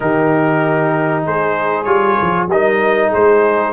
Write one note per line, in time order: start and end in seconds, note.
0.00 1.26 D#3
0.00 1.85 D#4
0.00 1.25 G4
0.00 1.24 A#4
1.25 1.86 G#3
1.25 2.50 G#4
1.25 1.83 C5
1.83 2.17 G3
1.83 2.48 F4
1.83 2.46 C#5
2.21 2.47 F3
2.47 3.09 G3
2.47 3.73 D#4
2.47 3.08 A#4
2.47 3.13 D#5
3.08 3.71 G#4
3.08 3.73 C5
3.15 3.73 G#3